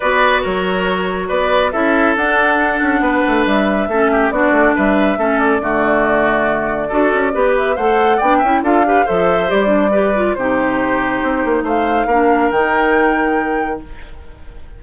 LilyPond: <<
  \new Staff \with { instrumentName = "flute" } { \time 4/4 \tempo 4 = 139 d''4 cis''2 d''4 | e''4 fis''2. | e''2 d''4 e''4~ | e''8 d''2.~ d''8~ |
d''4. e''8 fis''4 g''4 | f''4 e''4 d''2 | c''2. f''4~ | f''4 g''2. | }
  \new Staff \with { instrumentName = "oboe" } { \time 4/4 b'4 ais'2 b'4 | a'2. b'4~ | b'4 a'8 g'8 fis'4 b'4 | a'4 fis'2. |
a'4 b'4 c''4 d''8 e''8 | a'8 b'8 c''2 b'4 | g'2. c''4 | ais'1 | }
  \new Staff \with { instrumentName = "clarinet" } { \time 4/4 fis'1 | e'4 d'2.~ | d'4 cis'4 d'2 | cis'4 a2. |
fis'4 g'4 a'4 d'8 e'8 | f'8 g'8 a'4 g'8 d'8 g'8 f'8 | dis'1 | d'4 dis'2. | }
  \new Staff \with { instrumentName = "bassoon" } { \time 4/4 b4 fis2 b4 | cis'4 d'4. cis'8 b8 a8 | g4 a4 b8 a8 g4 | a4 d2. |
d'8 cis'8 b4 a4 b8 cis'8 | d'4 f4 g2 | c2 c'8 ais8 a4 | ais4 dis2. | }
>>